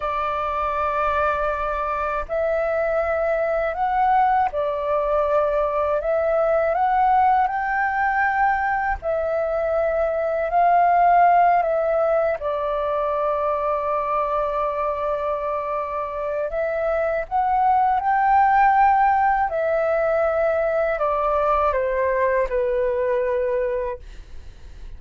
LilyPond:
\new Staff \with { instrumentName = "flute" } { \time 4/4 \tempo 4 = 80 d''2. e''4~ | e''4 fis''4 d''2 | e''4 fis''4 g''2 | e''2 f''4. e''8~ |
e''8 d''2.~ d''8~ | d''2 e''4 fis''4 | g''2 e''2 | d''4 c''4 b'2 | }